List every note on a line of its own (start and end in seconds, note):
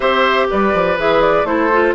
0.00 0.48 C4
0.00 0.97 G4
0.00 0.46 C5
0.00 0.48 E5
0.50 0.74 G3
0.50 1.47 B4
0.50 0.99 D5
0.74 0.98 F3
0.97 1.44 E3
0.97 1.45 G#4
0.97 1.21 E5
1.21 1.45 D5
1.44 1.92 A3
1.44 1.70 E4
1.44 1.94 A4
1.44 1.94 C5
1.72 1.94 F4